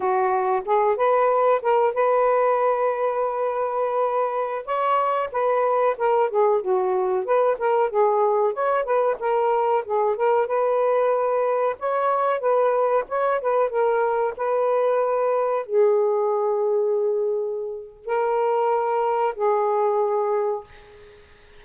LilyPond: \new Staff \with { instrumentName = "saxophone" } { \time 4/4 \tempo 4 = 93 fis'4 gis'8 b'4 ais'8 b'4~ | b'2.~ b'16 cis''8.~ | cis''16 b'4 ais'8 gis'8 fis'4 b'8 ais'16~ | ais'16 gis'4 cis''8 b'8 ais'4 gis'8 ais'16~ |
ais'16 b'2 cis''4 b'8.~ | b'16 cis''8 b'8 ais'4 b'4.~ b'16~ | b'16 gis'2.~ gis'8. | ais'2 gis'2 | }